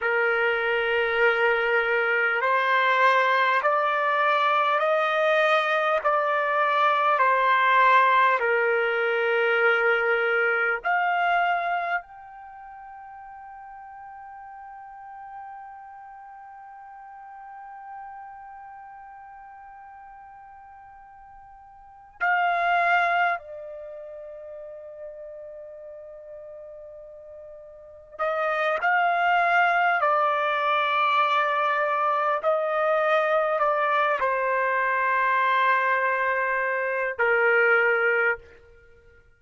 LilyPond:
\new Staff \with { instrumentName = "trumpet" } { \time 4/4 \tempo 4 = 50 ais'2 c''4 d''4 | dis''4 d''4 c''4 ais'4~ | ais'4 f''4 g''2~ | g''1~ |
g''2~ g''8 f''4 d''8~ | d''2.~ d''8 dis''8 | f''4 d''2 dis''4 | d''8 c''2~ c''8 ais'4 | }